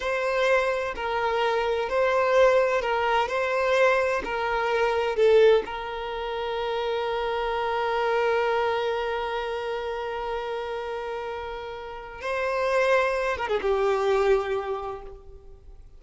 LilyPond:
\new Staff \with { instrumentName = "violin" } { \time 4/4 \tempo 4 = 128 c''2 ais'2 | c''2 ais'4 c''4~ | c''4 ais'2 a'4 | ais'1~ |
ais'1~ | ais'1~ | ais'2 c''2~ | c''8 ais'16 gis'16 g'2. | }